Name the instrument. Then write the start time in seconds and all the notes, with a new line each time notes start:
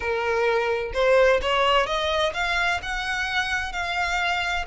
violin
0.00 A#4
0.93 C5
1.41 C#5
1.86 D#5
2.33 F5
2.82 F#5
3.72 F5